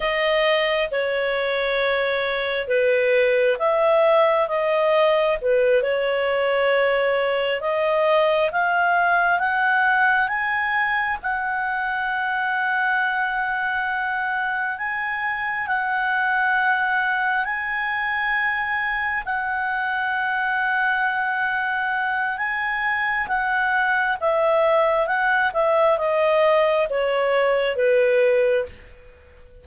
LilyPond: \new Staff \with { instrumentName = "clarinet" } { \time 4/4 \tempo 4 = 67 dis''4 cis''2 b'4 | e''4 dis''4 b'8 cis''4.~ | cis''8 dis''4 f''4 fis''4 gis''8~ | gis''8 fis''2.~ fis''8~ |
fis''8 gis''4 fis''2 gis''8~ | gis''4. fis''2~ fis''8~ | fis''4 gis''4 fis''4 e''4 | fis''8 e''8 dis''4 cis''4 b'4 | }